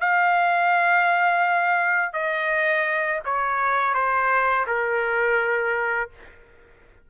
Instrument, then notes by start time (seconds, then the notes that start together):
trumpet
0.00 F5
2.13 D#5
3.25 C#5
3.94 C5
4.67 A#4